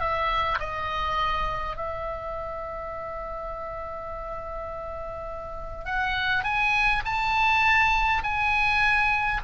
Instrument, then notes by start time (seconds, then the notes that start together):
oboe
0.00 E5
0.59 D#5
1.76 E5
5.85 F#5
6.44 G#5
7.05 A5
8.24 G#5